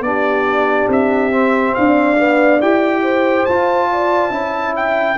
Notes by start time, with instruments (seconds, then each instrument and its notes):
0.00 tuba B3, trombone D4, horn G4, trumpet D5
0.88 tuba C4, trumpet E5
1.31 trombone C4
1.75 tuba D4, horn D5, trumpet F5
2.17 trombone B3
2.61 tuba E4, trombone G4, trumpet G5
3.02 horn C5
3.45 tuba F4, trombone F4, trumpet A5
3.92 horn D5
4.30 tuba C#4, trombone E4, horn E5
4.76 trumpet G5